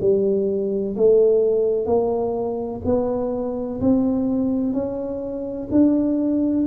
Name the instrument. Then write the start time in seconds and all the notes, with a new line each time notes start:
tuba
0.00 G3
0.96 A3
1.86 A#3
2.84 B3
3.80 C4
4.72 C#4
5.71 D4